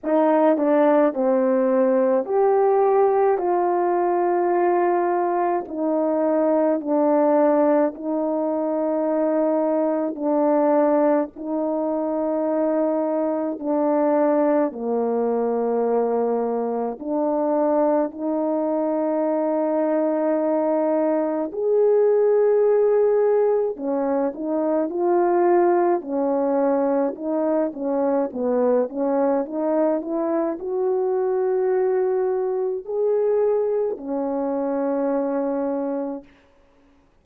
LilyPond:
\new Staff \with { instrumentName = "horn" } { \time 4/4 \tempo 4 = 53 dis'8 d'8 c'4 g'4 f'4~ | f'4 dis'4 d'4 dis'4~ | dis'4 d'4 dis'2 | d'4 ais2 d'4 |
dis'2. gis'4~ | gis'4 cis'8 dis'8 f'4 cis'4 | dis'8 cis'8 b8 cis'8 dis'8 e'8 fis'4~ | fis'4 gis'4 cis'2 | }